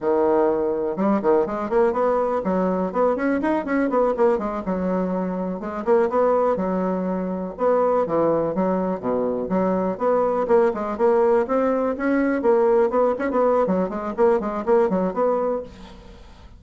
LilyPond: \new Staff \with { instrumentName = "bassoon" } { \time 4/4 \tempo 4 = 123 dis2 g8 dis8 gis8 ais8 | b4 fis4 b8 cis'8 dis'8 cis'8 | b8 ais8 gis8 fis2 gis8 | ais8 b4 fis2 b8~ |
b8 e4 fis4 b,4 fis8~ | fis8 b4 ais8 gis8 ais4 c'8~ | c'8 cis'4 ais4 b8 cis'16 b8. | fis8 gis8 ais8 gis8 ais8 fis8 b4 | }